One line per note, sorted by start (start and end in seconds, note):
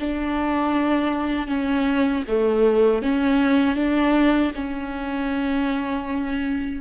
0.00 1.48 D4
1.48 2.24 C#4
2.28 3.03 A3
3.03 3.76 C#4
3.76 4.52 D4
4.55 6.81 C#4